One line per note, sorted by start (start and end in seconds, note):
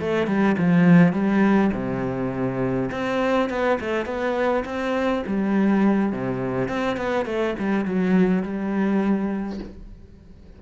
0.00 0.27 A3
0.27 0.56 G3
0.58 1.13 F3
1.13 1.71 G3
1.73 2.90 C3
2.91 3.50 C4
3.50 3.79 B3
3.81 4.06 A3
4.06 4.64 B3
4.65 5.23 C4
5.27 6.13 G3
6.13 6.68 C3
6.68 6.97 C4
6.97 7.26 B3
7.26 7.55 A3
7.59 7.85 G3
7.85 8.43 F#3
8.43 9.60 G3